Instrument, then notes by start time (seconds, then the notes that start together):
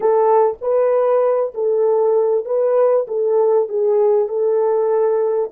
horn
0.00 A4
0.61 B4
1.54 A4
2.45 B4
3.08 A4
3.68 G#4
4.28 A4